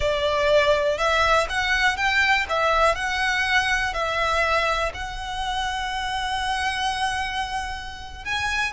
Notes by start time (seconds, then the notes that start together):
0.00 D5
0.97 E5
1.49 F#5
1.96 G5
2.49 E5
2.95 F#5
3.93 E5
4.94 F#5
8.25 G#5